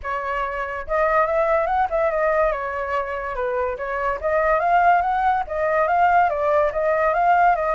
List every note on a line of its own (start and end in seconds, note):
0.02 0.86 C#5
0.87 1.26 D#5
1.26 1.66 E5
1.66 1.87 F#5
1.90 2.10 E5
2.10 2.52 D#5
2.52 3.35 C#5
3.35 3.76 B4
3.77 4.19 C#5
4.20 4.59 D#5
4.59 5.01 F5
5.01 5.43 F#5
5.47 5.87 D#5
5.87 6.29 F5
6.29 6.71 D5
6.72 7.13 D#5
7.13 7.55 F5
7.55 7.75 D#5